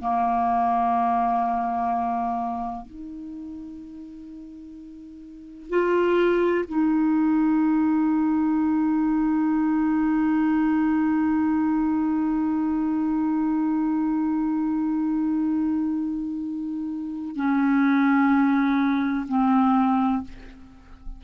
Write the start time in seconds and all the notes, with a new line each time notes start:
0.00 A#3
2.86 D#4
5.69 F4
6.68 D#4
17.35 C#4
19.28 C4